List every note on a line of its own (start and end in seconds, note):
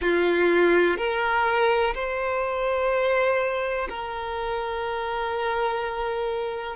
0.01 0.97 F4
0.97 1.94 A#4
1.94 3.88 C5
3.89 6.76 A#4